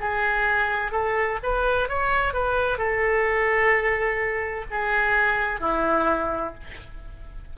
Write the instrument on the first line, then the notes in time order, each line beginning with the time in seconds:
oboe
0.00 G#4
0.91 A4
1.42 B4
1.88 C#5
2.33 B4
2.77 A4
4.70 G#4
5.60 E4